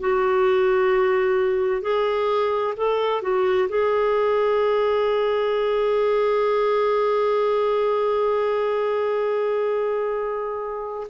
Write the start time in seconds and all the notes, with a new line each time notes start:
0.00 F#4
1.82 G#4
2.77 A4
3.22 F#4
3.69 G#4